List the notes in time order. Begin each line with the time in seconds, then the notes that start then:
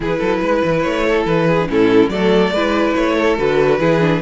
0.00 E3 E4 G#4 B4
0.19 F#3 A4
0.41 G#3 B4
0.64 E3
0.81 A3 C#5
1.06 A4
1.25 E3 B4
1.47 G#4
1.60 D4
1.68 A2 C#4 E4 A4
2.08 F#3 A3 A4 D5
2.51 G#3 E4 B4
2.94 A3 C#5
3.15 A4
3.37 D3 F#4 B4
3.79 E3 E4 G#4
4.00 D4